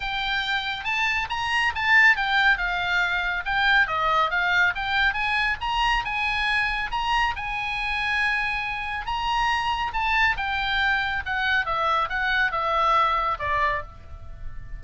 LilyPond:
\new Staff \with { instrumentName = "oboe" } { \time 4/4 \tempo 4 = 139 g''2 a''4 ais''4 | a''4 g''4 f''2 | g''4 dis''4 f''4 g''4 | gis''4 ais''4 gis''2 |
ais''4 gis''2.~ | gis''4 ais''2 a''4 | g''2 fis''4 e''4 | fis''4 e''2 d''4 | }